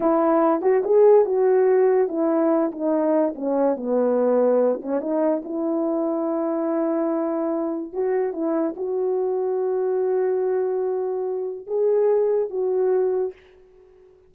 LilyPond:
\new Staff \with { instrumentName = "horn" } { \time 4/4 \tempo 4 = 144 e'4. fis'8 gis'4 fis'4~ | fis'4 e'4. dis'4. | cis'4 b2~ b8 cis'8 | dis'4 e'2.~ |
e'2. fis'4 | e'4 fis'2.~ | fis'1 | gis'2 fis'2 | }